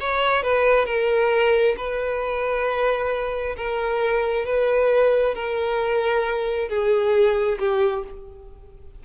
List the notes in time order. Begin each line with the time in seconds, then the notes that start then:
0.00 C#5
0.43 B4
0.85 A#4
1.77 B4
3.57 A#4
4.45 B4
5.34 A#4
6.69 G#4
7.59 G4